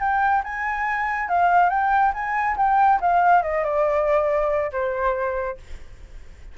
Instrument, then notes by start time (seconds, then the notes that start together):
flute
0.00 G5
0.44 G#5
1.29 F5
1.70 G5
2.14 G#5
2.57 G5
3.01 F5
3.43 D#5
3.64 D5
4.72 C5